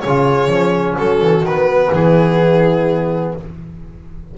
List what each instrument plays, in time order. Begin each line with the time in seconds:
0.00 double bass C#3, horn G#4, violin C#5
0.07 trombone F4
0.48 double bass F3, trombone C#4
0.95 double bass F#3, horn F#4, violin A4
1.21 double bass E3
1.42 double bass D#3, violin B4
1.48 trombone B3
1.92 double bass E3, horn E4, violin G#4